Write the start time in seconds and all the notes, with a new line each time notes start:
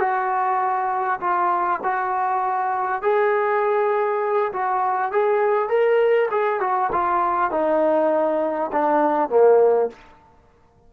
0.00 F#4
1.20 F4
1.84 F#4
3.02 G#4
4.53 F#4
5.12 G#4
5.69 A#4
6.31 G#4
6.61 F#4
6.92 F4
7.51 D#4
8.72 D4
9.30 A#3